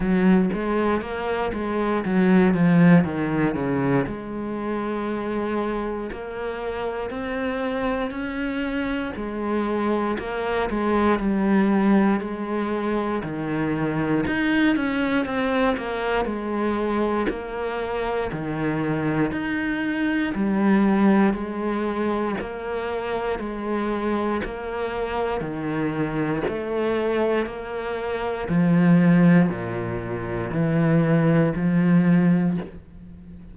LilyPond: \new Staff \with { instrumentName = "cello" } { \time 4/4 \tempo 4 = 59 fis8 gis8 ais8 gis8 fis8 f8 dis8 cis8 | gis2 ais4 c'4 | cis'4 gis4 ais8 gis8 g4 | gis4 dis4 dis'8 cis'8 c'8 ais8 |
gis4 ais4 dis4 dis'4 | g4 gis4 ais4 gis4 | ais4 dis4 a4 ais4 | f4 ais,4 e4 f4 | }